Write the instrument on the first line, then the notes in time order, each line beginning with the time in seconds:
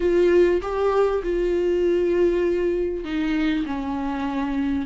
viola
0.00 F4
0.61 G4
1.23 F4
3.04 D#4
3.66 C#4